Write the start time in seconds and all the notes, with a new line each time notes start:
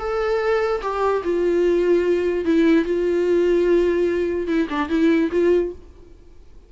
0.00 A4
0.82 G4
1.24 F4
2.45 E4
2.85 F4
4.48 E4
4.70 D4
4.90 E4
5.32 F4